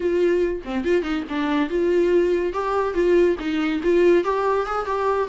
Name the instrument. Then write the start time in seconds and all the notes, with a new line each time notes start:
viola
0.00 F4
0.65 C4
0.84 F4
1.02 D#4
1.29 D4
1.69 F4
2.53 G4
2.94 F4
3.39 D#4
3.83 F4
4.23 G4
4.65 G#4
4.85 G4